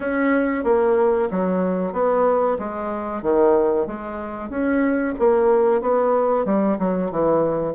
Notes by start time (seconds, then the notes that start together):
0.00 C#4
0.64 A#3
1.30 F#3
1.92 B3
2.58 G#3
3.22 D#3
3.87 G#3
4.49 C#4
5.18 A#3
5.81 B3
6.45 G3
6.79 F#3
7.11 E3